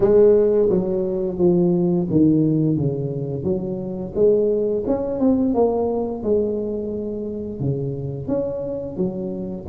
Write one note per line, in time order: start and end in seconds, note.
0.00 0.68 G#3
0.69 1.38 F#3
1.38 2.07 F3
2.10 2.76 D#3
2.76 3.43 C#3
3.43 4.12 F#3
4.15 4.84 G#3
4.86 5.19 C#4
5.19 5.54 C4
5.54 6.23 A#3
6.23 7.60 G#3
7.60 8.27 C#3
8.27 8.96 C#4
8.97 9.66 F#3